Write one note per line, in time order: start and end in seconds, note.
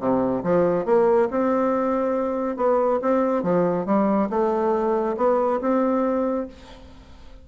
0.00 0.43 C3
0.44 0.86 F3
0.86 1.29 A#3
1.31 2.57 C4
2.57 3.00 B3
3.02 3.43 C4
3.43 3.86 F3
3.86 4.29 G3
4.30 5.16 A3
5.17 5.61 B3
5.61 6.47 C4